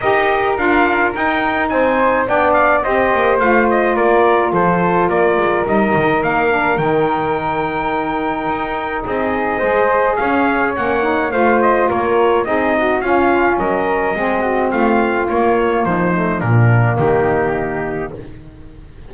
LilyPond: <<
  \new Staff \with { instrumentName = "trumpet" } { \time 4/4 \tempo 4 = 106 dis''4 f''4 g''4 gis''4 | g''8 f''8 dis''4 f''8 dis''8 d''4 | c''4 d''4 dis''4 f''4 | g''1 |
dis''2 f''4 fis''4 | f''8 dis''8 cis''4 dis''4 f''4 | dis''2 f''4 cis''4 | c''4 ais'4 g'2 | }
  \new Staff \with { instrumentName = "flute" } { \time 4/4 ais'2. c''4 | d''4 c''2 ais'4 | a'4 ais'2.~ | ais'1 |
gis'4 c''4 cis''2 | c''4 ais'4 gis'8 fis'8 f'4 | ais'4 gis'8 fis'8 f'2 | dis'4 d'4 dis'2 | }
  \new Staff \with { instrumentName = "saxophone" } { \time 4/4 g'4 f'4 dis'2 | d'4 g'4 f'2~ | f'2 dis'4. d'8 | dis'1~ |
dis'4 gis'2 cis'8 dis'8 | f'2 dis'4 cis'4~ | cis'4 c'2 ais4~ | ais8 a8 ais2. | }
  \new Staff \with { instrumentName = "double bass" } { \time 4/4 dis'4 d'4 dis'4 c'4 | b4 c'8 ais8 a4 ais4 | f4 ais8 gis8 g8 dis8 ais4 | dis2. dis'4 |
c'4 gis4 cis'4 ais4 | a4 ais4 c'4 cis'4 | fis4 gis4 a4 ais4 | f4 ais,4 dis2 | }
>>